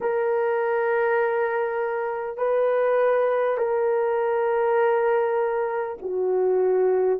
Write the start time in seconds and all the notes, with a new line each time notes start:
0.01 A#4
2.37 B4
3.57 A#4
6.02 F#4